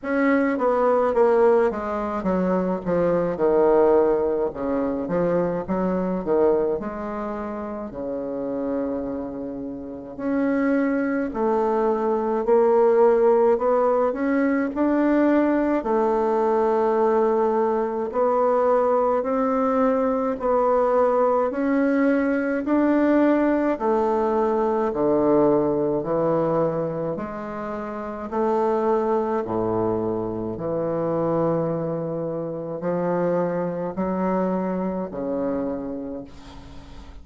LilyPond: \new Staff \with { instrumentName = "bassoon" } { \time 4/4 \tempo 4 = 53 cis'8 b8 ais8 gis8 fis8 f8 dis4 | cis8 f8 fis8 dis8 gis4 cis4~ | cis4 cis'4 a4 ais4 | b8 cis'8 d'4 a2 |
b4 c'4 b4 cis'4 | d'4 a4 d4 e4 | gis4 a4 a,4 e4~ | e4 f4 fis4 cis4 | }